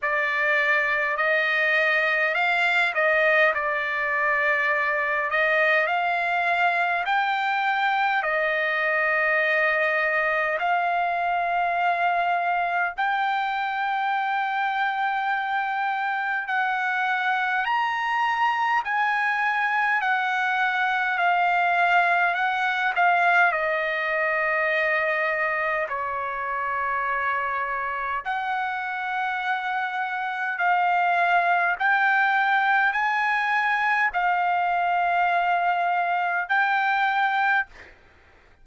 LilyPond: \new Staff \with { instrumentName = "trumpet" } { \time 4/4 \tempo 4 = 51 d''4 dis''4 f''8 dis''8 d''4~ | d''8 dis''8 f''4 g''4 dis''4~ | dis''4 f''2 g''4~ | g''2 fis''4 ais''4 |
gis''4 fis''4 f''4 fis''8 f''8 | dis''2 cis''2 | fis''2 f''4 g''4 | gis''4 f''2 g''4 | }